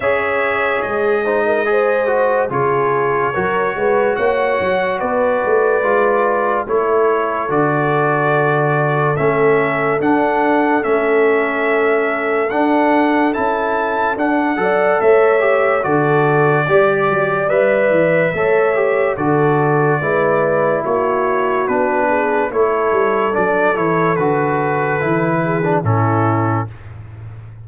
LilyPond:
<<
  \new Staff \with { instrumentName = "trumpet" } { \time 4/4 \tempo 4 = 72 e''4 dis''2 cis''4~ | cis''4 fis''4 d''2 | cis''4 d''2 e''4 | fis''4 e''2 fis''4 |
a''4 fis''4 e''4 d''4~ | d''4 e''2 d''4~ | d''4 cis''4 b'4 cis''4 | d''8 cis''8 b'2 a'4 | }
  \new Staff \with { instrumentName = "horn" } { \time 4/4 cis''4. c''16 ais'16 c''4 gis'4 | ais'8 b'8 cis''4 b'2 | a'1~ | a'1~ |
a'4. d''8 cis''4 a'4 | d''2 cis''4 a'4 | b'4 fis'4. gis'8 a'4~ | a'2~ a'8 gis'8 e'4 | }
  \new Staff \with { instrumentName = "trombone" } { \time 4/4 gis'4. dis'8 gis'8 fis'8 f'4 | fis'2. f'4 | e'4 fis'2 cis'4 | d'4 cis'2 d'4 |
e'4 d'8 a'4 g'8 fis'4 | g'4 b'4 a'8 g'8 fis'4 | e'2 d'4 e'4 | d'8 e'8 fis'4 e'8. d'16 cis'4 | }
  \new Staff \with { instrumentName = "tuba" } { \time 4/4 cis'4 gis2 cis4 | fis8 gis8 ais8 fis8 b8 a8 gis4 | a4 d2 a4 | d'4 a2 d'4 |
cis'4 d'8 fis8 a4 d4 | g8 fis8 g8 e8 a4 d4 | gis4 ais4 b4 a8 g8 | fis8 e8 d4 e4 a,4 | }
>>